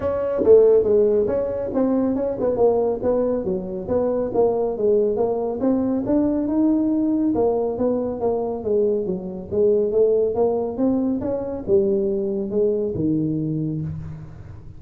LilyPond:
\new Staff \with { instrumentName = "tuba" } { \time 4/4 \tempo 4 = 139 cis'4 a4 gis4 cis'4 | c'4 cis'8 b8 ais4 b4 | fis4 b4 ais4 gis4 | ais4 c'4 d'4 dis'4~ |
dis'4 ais4 b4 ais4 | gis4 fis4 gis4 a4 | ais4 c'4 cis'4 g4~ | g4 gis4 dis2 | }